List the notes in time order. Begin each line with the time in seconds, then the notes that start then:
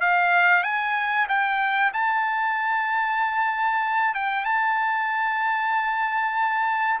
0.00 F5
0.63 G#5
1.28 G5
1.93 A5
4.14 G5
4.44 A5